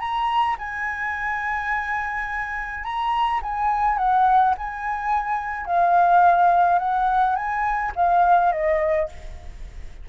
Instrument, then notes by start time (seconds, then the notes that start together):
flute
0.00 A#5
0.59 G#5
2.84 A#5
3.43 G#5
3.98 F#5
4.58 G#5
5.66 F5
6.79 F#5
7.36 G#5
7.96 F5
8.53 D#5